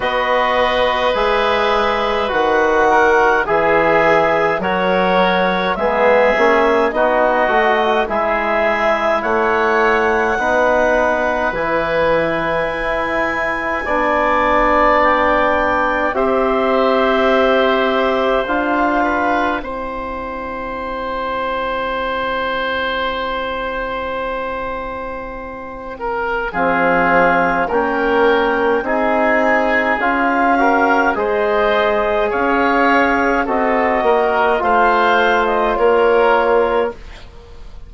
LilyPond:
<<
  \new Staff \with { instrumentName = "clarinet" } { \time 4/4 \tempo 4 = 52 dis''4 e''4 fis''4 e''4 | cis''4 e''4 dis''4 e''4 | fis''2 gis''2~ | gis''4 g''4 e''2 |
f''4 g''2.~ | g''2. f''4 | g''4 gis''4 f''4 dis''4 | f''4 dis''4 f''8. dis''16 cis''4 | }
  \new Staff \with { instrumentName = "oboe" } { \time 4/4 b'2~ b'8 ais'8 gis'4 | ais'4 gis'4 fis'4 gis'4 | cis''4 b'2. | d''2 c''2~ |
c''8 b'8 c''2.~ | c''2~ c''8 ais'8 gis'4 | ais'4 gis'4. ais'8 c''4 | cis''4 a'8 ais'8 c''4 ais'4 | }
  \new Staff \with { instrumentName = "trombone" } { \time 4/4 fis'4 gis'4 fis'4 gis'4 | fis'4 b8 cis'8 dis'8 fis'8 e'4~ | e'4 dis'4 e'2 | d'2 g'2 |
f'4 e'2.~ | e'2. c'4 | cis'4 dis'4 f'8 fis'8 gis'4~ | gis'4 fis'4 f'2 | }
  \new Staff \with { instrumentName = "bassoon" } { \time 4/4 b4 gis4 dis4 e4 | fis4 gis8 ais8 b8 a8 gis4 | a4 b4 e4 e'4 | b2 c'2 |
d'4 c'2.~ | c'2. f4 | ais4 c'4 cis'4 gis4 | cis'4 c'8 ais8 a4 ais4 | }
>>